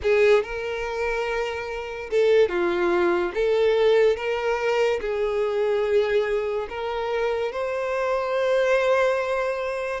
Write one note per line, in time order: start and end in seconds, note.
0.02 0.43 G#4
0.43 2.09 A#4
2.10 2.48 A4
2.48 3.31 F4
3.34 4.16 A4
4.16 5.00 A#4
5.00 6.67 G#4
6.69 7.52 A#4
7.52 10.00 C5